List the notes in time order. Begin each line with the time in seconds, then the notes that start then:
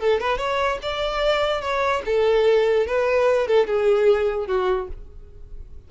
0.00 A4
0.21 B4
0.38 C#5
0.83 D5
1.61 C#5
2.06 A4
2.87 B4
3.48 A4
3.67 G#4
4.47 F#4